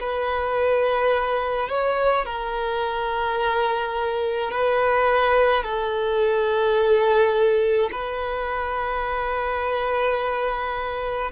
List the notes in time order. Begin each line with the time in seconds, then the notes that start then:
0.00 B4
1.69 C#5
2.25 A#4
4.51 B4
5.63 A4
7.91 B4